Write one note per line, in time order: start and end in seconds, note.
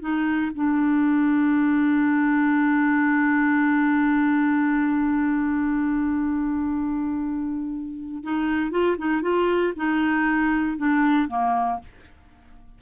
0.00 0.51 D#4
0.54 8.23 D4
8.23 8.71 D#4
8.71 8.96 F4
8.97 9.22 D#4
9.22 9.73 F4
9.76 10.77 D#4
10.77 11.28 D4
11.28 11.79 A#3